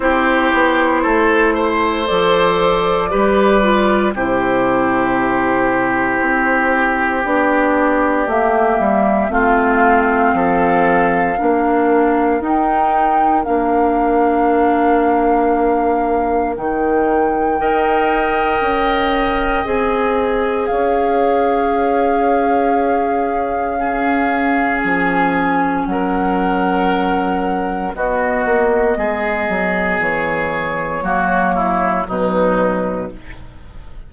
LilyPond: <<
  \new Staff \with { instrumentName = "flute" } { \time 4/4 \tempo 4 = 58 c''2 d''2 | c''2. d''4 | e''4 f''2. | g''4 f''2. |
g''2. gis''4 | f''1 | gis''4 fis''2 dis''4~ | dis''4 cis''2 b'4 | }
  \new Staff \with { instrumentName = "oboe" } { \time 4/4 g'4 a'8 c''4. b'4 | g'1~ | g'4 f'4 a'4 ais'4~ | ais'1~ |
ais'4 dis''2. | cis''2. gis'4~ | gis'4 ais'2 fis'4 | gis'2 fis'8 e'8 dis'4 | }
  \new Staff \with { instrumentName = "clarinet" } { \time 4/4 e'2 a'4 g'8 f'8 | e'2. d'4 | ais4 c'2 d'4 | dis'4 d'2. |
dis'4 ais'2 gis'4~ | gis'2. cis'4~ | cis'2. b4~ | b2 ais4 fis4 | }
  \new Staff \with { instrumentName = "bassoon" } { \time 4/4 c'8 b8 a4 f4 g4 | c2 c'4 b4 | a8 g8 a4 f4 ais4 | dis'4 ais2. |
dis4 dis'4 cis'4 c'4 | cis'1 | f4 fis2 b8 ais8 | gis8 fis8 e4 fis4 b,4 | }
>>